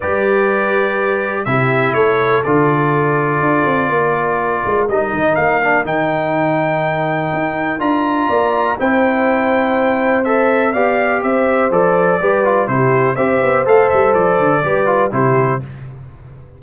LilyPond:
<<
  \new Staff \with { instrumentName = "trumpet" } { \time 4/4 \tempo 4 = 123 d''2. e''4 | cis''4 d''2.~ | d''2 dis''4 f''4 | g''1 |
ais''2 g''2~ | g''4 e''4 f''4 e''4 | d''2 c''4 e''4 | f''8 e''8 d''2 c''4 | }
  \new Staff \with { instrumentName = "horn" } { \time 4/4 b'2. g'4 | a'1 | ais'1~ | ais'1~ |
ais'4 d''4 c''2~ | c''2 d''4 c''4~ | c''4 b'4 g'4 c''4~ | c''2 b'4 g'4 | }
  \new Staff \with { instrumentName = "trombone" } { \time 4/4 g'2. e'4~ | e'4 f'2.~ | f'2 dis'4. d'8 | dis'1 |
f'2 e'2~ | e'4 a'4 g'2 | a'4 g'8 f'8 e'4 g'4 | a'2 g'8 f'8 e'4 | }
  \new Staff \with { instrumentName = "tuba" } { \time 4/4 g2. c4 | a4 d2 d'8 c'8 | ais4. gis8 g8 dis8 ais4 | dis2. dis'4 |
d'4 ais4 c'2~ | c'2 b4 c'4 | f4 g4 c4 c'8 b8 | a8 g8 f8 d8 g4 c4 | }
>>